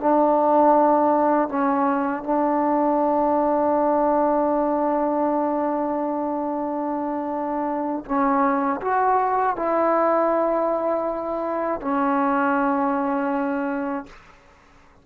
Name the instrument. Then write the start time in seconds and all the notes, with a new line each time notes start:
trombone
0.00 D4
1.49 C#4
2.24 D4
8.06 C#4
8.82 F#4
9.57 E4
11.82 C#4